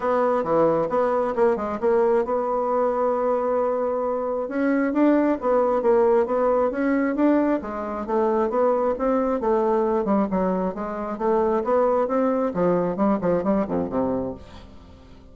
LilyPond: \new Staff \with { instrumentName = "bassoon" } { \time 4/4 \tempo 4 = 134 b4 e4 b4 ais8 gis8 | ais4 b2.~ | b2 cis'4 d'4 | b4 ais4 b4 cis'4 |
d'4 gis4 a4 b4 | c'4 a4. g8 fis4 | gis4 a4 b4 c'4 | f4 g8 f8 g8 f,8 c4 | }